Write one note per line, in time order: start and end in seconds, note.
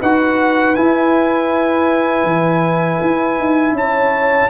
0.00 0.77 D#4
0.00 0.76 F#4
0.00 3.75 B4
0.00 0.76 F#5
0.76 4.50 E4
0.76 2.24 E4
0.76 3.76 G#5
2.24 2.99 E3
3.02 3.39 E4
3.39 3.72 D#4
3.72 4.47 C#4
3.72 4.50 C#5
3.72 4.50 A5